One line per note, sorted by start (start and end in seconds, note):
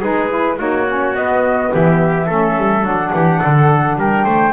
0.00 0.59 G#3
0.00 0.29 D#4
0.00 0.57 G#4
0.00 0.58 B4
0.29 0.57 E4
0.57 1.14 A#3
0.57 0.85 D#4
0.57 1.71 F#4
0.57 1.16 C#5
0.87 1.15 C#4
1.14 1.71 B3
1.14 2.27 B3
1.14 1.72 D#5
1.73 2.29 E3
1.73 2.26 G4
1.73 2.85 E5
2.26 2.57 A3
2.26 2.81 C#4
2.26 3.11 A4
2.57 2.82 G3
2.81 3.11 F#3
2.81 4.51 D4
2.81 3.98 F#5
3.13 3.42 E3
3.13 3.39 G4
3.39 3.96 D3
3.39 3.96 A4
3.96 4.24 G3
3.96 4.24 A#4
3.96 4.52 G5
4.24 4.52 A3
4.24 4.52 C5